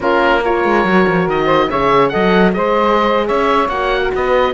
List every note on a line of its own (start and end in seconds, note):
0.00 0.64 A#3
0.00 0.42 C#4
0.00 0.41 F4
0.00 0.43 A#4
0.41 0.86 F4
0.41 1.45 A#4
0.41 1.29 C#5
0.64 0.84 G#3
0.84 1.05 F#3
0.84 1.70 F#4
1.07 1.26 F3
1.26 1.68 D#3
1.26 1.70 D#5
1.45 1.66 C5
1.69 2.13 C#3
1.69 2.11 G#4
1.69 2.12 C#5
1.69 2.08 E5
2.08 2.57 F#3
2.08 2.52 A4
2.08 2.54 D#5
2.08 2.51 F#5
2.52 3.29 G#3
2.52 3.68 G#4
2.52 3.26 C5
2.52 3.27 D#5
3.26 3.68 C#4
3.26 4.00 C#5
3.26 3.68 E5
3.68 4.10 A#3
3.68 4.53 F#4
3.68 4.11 F#5
4.02 4.12 A#4
4.14 4.53 B3
4.14 4.53 B4
4.14 4.53 D#5